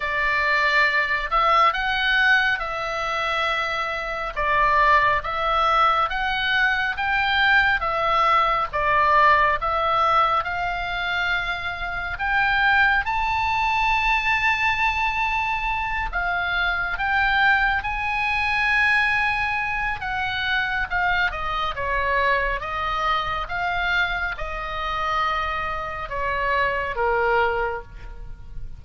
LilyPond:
\new Staff \with { instrumentName = "oboe" } { \time 4/4 \tempo 4 = 69 d''4. e''8 fis''4 e''4~ | e''4 d''4 e''4 fis''4 | g''4 e''4 d''4 e''4 | f''2 g''4 a''4~ |
a''2~ a''8 f''4 g''8~ | g''8 gis''2~ gis''8 fis''4 | f''8 dis''8 cis''4 dis''4 f''4 | dis''2 cis''4 ais'4 | }